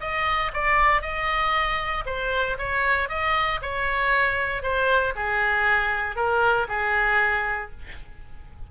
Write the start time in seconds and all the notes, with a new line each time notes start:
0.00 D#5
0.53 D5
1.01 D#5
2.06 C5
2.58 C#5
3.09 D#5
3.62 C#5
4.62 C5
5.15 G#4
6.15 A#4
6.68 G#4